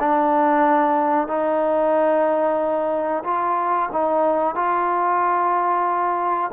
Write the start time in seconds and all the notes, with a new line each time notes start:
0.00 D4
1.28 D#4
3.24 F4
3.93 D#4
4.56 F4